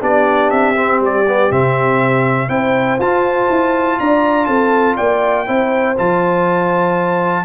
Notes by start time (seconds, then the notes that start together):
0.00 B3 D4 G4 D5
0.50 C4 E5
0.76 C4
1.00 G3 D5
1.28 B3
1.51 C3 C4 E5
2.48 C4 E4 C5 G5
2.99 F4 A5
3.49 E4
3.99 D4 D5 A#5
4.46 C4 A4 A5
4.96 A#3 D5 G5
5.46 C4 E4 C5
5.98 F3 F4 A5